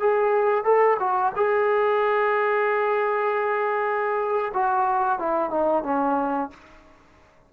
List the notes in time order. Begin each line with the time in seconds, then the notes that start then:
0.00 G#4
0.64 A4
0.99 F#4
1.36 G#4
4.54 F#4
5.19 E4
5.51 D#4
5.84 C#4